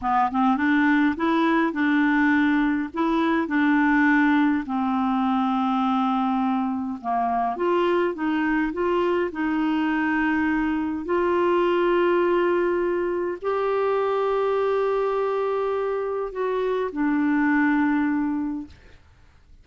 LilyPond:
\new Staff \with { instrumentName = "clarinet" } { \time 4/4 \tempo 4 = 103 b8 c'8 d'4 e'4 d'4~ | d'4 e'4 d'2 | c'1 | ais4 f'4 dis'4 f'4 |
dis'2. f'4~ | f'2. g'4~ | g'1 | fis'4 d'2. | }